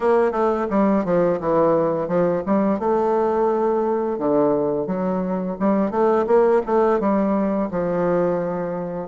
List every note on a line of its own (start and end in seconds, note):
0.00 0.31 A#3
0.31 0.66 A3
0.69 1.04 G3
1.04 1.39 F3
1.40 2.07 E3
2.07 2.43 F3
2.46 2.79 G3
2.79 4.18 A3
4.18 4.86 D3
4.86 5.56 F#3
5.59 5.90 G3
5.90 6.25 A3
6.26 6.61 A#3
6.65 7.00 A3
7.00 7.69 G3
7.70 9.08 F3